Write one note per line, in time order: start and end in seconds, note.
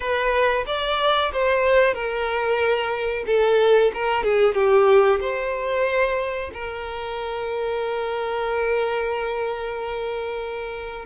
0.00 0.65 B4
0.66 1.31 D5
1.33 1.94 C5
1.94 3.24 A#4
3.26 3.91 A4
3.94 4.23 A#4
4.23 4.54 G#4
4.54 5.19 G4
5.20 6.50 C5
6.53 11.05 A#4